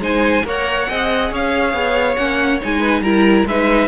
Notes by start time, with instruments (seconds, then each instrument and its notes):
0.00 cello G#3, viola D#4, violin C5 G#5
0.45 cello A#3, viola A#4, violin C#5 F#5
0.89 cello C4, viola G#4, violin D#5
1.32 cello C#4, violin C#5 F5
1.74 cello B3
2.16 cello A#3, viola C#4, violin F#5
2.62 cello G#3, viola D#4, violin G#5
2.80 violin B4
3.02 cello G3, viola E4, violin A#4 A#5
3.46 cello G#3, viola D#4, violin B4 E5